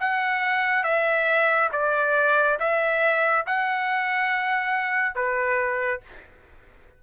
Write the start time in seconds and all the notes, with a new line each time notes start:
0.00 F#5
0.84 E5
1.73 D5
2.59 E5
3.46 F#5
5.15 B4